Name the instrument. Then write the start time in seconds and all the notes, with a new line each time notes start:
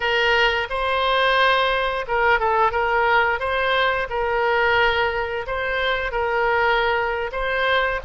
oboe
0.00 A#4
0.69 C5
2.07 A#4
2.39 A4
2.71 A#4
3.39 C5
4.09 A#4
5.46 C5
6.11 A#4
7.32 C5